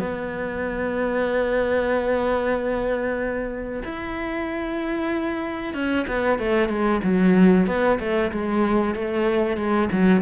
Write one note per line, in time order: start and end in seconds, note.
0.00 3.83 B3
3.84 5.74 E4
5.74 6.06 C#4
6.08 6.39 B3
6.39 6.69 A3
6.69 7.01 G#3
7.04 7.67 F#3
7.67 7.99 B3
8.00 8.32 A3
8.32 8.95 G#3
8.95 9.57 A3
9.57 9.89 G#3
9.92 10.22 F#3